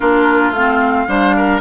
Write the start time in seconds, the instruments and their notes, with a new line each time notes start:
0.00 bassoon A#3, clarinet D4, oboe F4, flute A#4
0.50 bassoon A3, clarinet C4, flute F5
1.07 bassoon G3, clarinet D4, oboe C5
1.36 oboe A#4